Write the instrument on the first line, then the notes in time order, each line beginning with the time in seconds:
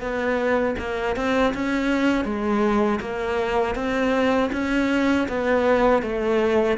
cello
0.00 B3
0.78 A#3
1.16 C4
1.54 C#4
2.24 G#3
3.00 A#3
3.75 C4
4.52 C#4
5.28 B3
6.02 A3